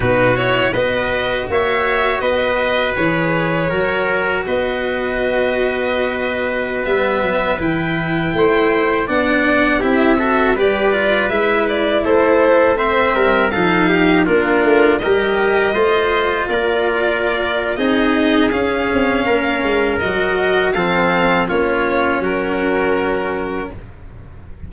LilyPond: <<
  \new Staff \with { instrumentName = "violin" } { \time 4/4 \tempo 4 = 81 b'8 cis''8 dis''4 e''4 dis''4 | cis''2 dis''2~ | dis''4~ dis''16 e''4 g''4.~ g''16~ | g''16 fis''4 e''4 d''4 e''8 d''16~ |
d''16 c''4 e''4 f''4 ais'8.~ | ais'16 dis''2 d''4.~ d''16 | dis''4 f''2 dis''4 | f''4 cis''4 ais'2 | }
  \new Staff \with { instrumentName = "trumpet" } { \time 4/4 fis'4 b'4 cis''4 b'4~ | b'4 ais'4 b'2~ | b'2.~ b'16 c''8.~ | c''16 d''4 g'8 a'8 b'4.~ b'16~ |
b'16 a'4 c''8 ais'8 a'8 g'8 f'8.~ | f'16 ais'4 c''4 ais'4.~ ais'16 | gis'2 ais'2 | a'4 f'4 fis'2 | }
  \new Staff \with { instrumentName = "cello" } { \time 4/4 dis'8 e'8 fis'2. | gis'4 fis'2.~ | fis'4~ fis'16 b4 e'4.~ e'16~ | e'16 d'4 e'8 fis'8 g'8 f'8 e'8.~ |
e'4~ e'16 c'4 dis'4 d'8.~ | d'16 g'4 f'2~ f'8. | dis'4 cis'2 fis'4 | c'4 cis'2. | }
  \new Staff \with { instrumentName = "tuba" } { \time 4/4 b,4 b4 ais4 b4 | e4 fis4 b2~ | b4~ b16 g8 fis8 e4 a8.~ | a16 b4 c'4 g4 gis8.~ |
gis16 a4. g8 f4 ais8 a16~ | a16 g4 a4 ais4.~ ais16 | c'4 cis'8 c'8 ais8 gis8 fis4 | f4 ais4 fis2 | }
>>